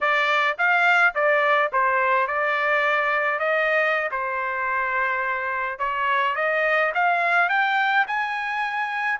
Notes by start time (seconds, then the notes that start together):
0.00 D5
0.58 F5
1.14 D5
1.72 C5
2.27 D5
3.39 D#5
4.11 C5
5.79 C#5
6.36 D#5
6.94 F5
7.49 G5
8.07 G#5